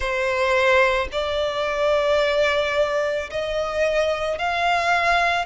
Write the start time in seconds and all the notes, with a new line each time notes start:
0.00 C5
1.12 D5
3.30 D#5
4.38 F5